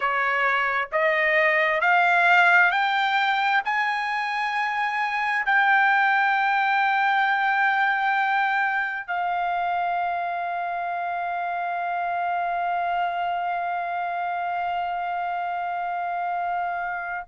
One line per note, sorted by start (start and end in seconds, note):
0.00 0.88 C#5
0.92 1.81 D#5
1.81 2.71 F5
2.71 3.62 G5
3.64 5.45 G#5
5.45 9.07 G5
9.07 17.25 F5